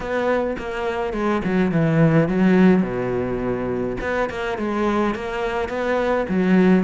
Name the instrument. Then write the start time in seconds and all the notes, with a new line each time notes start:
cello
0.00 B3
0.58 A#3
1.13 G#3
1.44 F#3
1.71 E3
2.28 F#3
2.82 B2
4.01 B3
4.29 A#3
4.57 G#3
5.15 A#3
5.68 B3
6.28 F#3